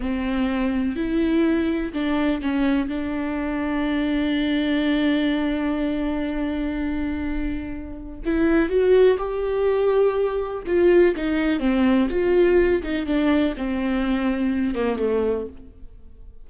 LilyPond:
\new Staff \with { instrumentName = "viola" } { \time 4/4 \tempo 4 = 124 c'2 e'2 | d'4 cis'4 d'2~ | d'1~ | d'1~ |
d'4 e'4 fis'4 g'4~ | g'2 f'4 dis'4 | c'4 f'4. dis'8 d'4 | c'2~ c'8 ais8 a4 | }